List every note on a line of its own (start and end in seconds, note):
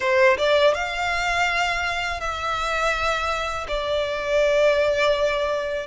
0.00 0.37 C5
0.37 0.74 D5
0.74 2.20 F5
2.20 3.66 E5
3.68 5.86 D5